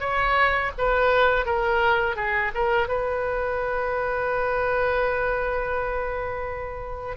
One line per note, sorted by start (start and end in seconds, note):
0.00 0.71 C#5
0.78 1.45 B4
1.45 2.16 A#4
2.16 2.52 G#4
2.55 2.88 A#4
2.88 7.17 B4